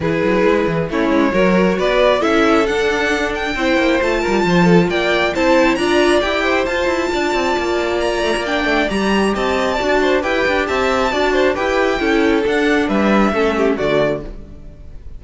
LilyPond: <<
  \new Staff \with { instrumentName = "violin" } { \time 4/4 \tempo 4 = 135 b'2 cis''2 | d''4 e''4 fis''4. g''8~ | g''4 a''2 g''4 | a''4 ais''4 g''4 a''4~ |
a''2 ais''4 g''4 | ais''4 a''2 g''4 | a''2 g''2 | fis''4 e''2 d''4 | }
  \new Staff \with { instrumentName = "violin" } { \time 4/4 gis'2 e'4 ais'4 | b'4 a'2. | c''4. ais'8 c''8 a'8 d''4 | c''4 d''4. c''4. |
d''1~ | d''4 dis''4 d''8 c''8 b'4 | e''4 d''8 c''8 b'4 a'4~ | a'4 b'4 a'8 g'8 fis'4 | }
  \new Staff \with { instrumentName = "viola" } { \time 4/4 e'2 cis'4 fis'4~ | fis'4 e'4 d'2 | e'4 f'2. | e'4 f'4 g'4 f'4~ |
f'2. d'4 | g'2 fis'4 g'4~ | g'4 fis'4 g'4 e'4 | d'2 cis'4 a4 | }
  \new Staff \with { instrumentName = "cello" } { \time 4/4 e8 fis8 gis8 e8 a8 gis8 fis4 | b4 cis'4 d'2 | c'8 ais8 a8 g8 f4 ais4 | c'4 d'4 e'4 f'8 e'8 |
d'8 c'8 ais4. a16 ais8. a8 | g4 c'4 d'4 e'8 d'8 | c'4 d'4 e'4 cis'4 | d'4 g4 a4 d4 | }
>>